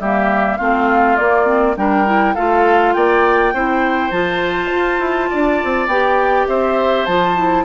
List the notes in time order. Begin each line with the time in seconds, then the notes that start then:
0.00 G3 A#3 G4 E5
0.58 A3 C4 F4 F5
1.17 A#3 D5
1.46 C4
1.77 G3 D4 A#4 G5
2.06 E4
2.35 A3 F4 A4 F5
2.93 A#3 D5 G5
3.53 C4 E4 C5
4.11 F3 F4 A5
4.72 F4
5.00 E4
5.30 D4 D5
5.64 C4
5.87 B3 G4 G5
6.48 C4 C5 E5
7.06 F3 F4 A5
7.37 E4